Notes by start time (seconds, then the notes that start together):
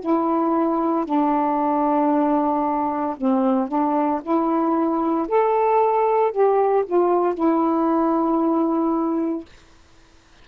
0.00 E4
1.05 D4
3.16 C4
3.67 D4
4.22 E4
5.28 A4
6.31 G4
6.86 F4
7.34 E4